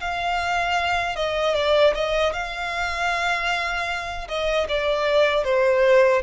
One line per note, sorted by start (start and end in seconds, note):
0.00 1.15 F5
1.15 1.54 D#5
1.54 1.93 D5
1.94 2.33 D#5
2.33 4.28 F5
4.28 4.67 D#5
4.68 5.44 D5
5.44 6.22 C5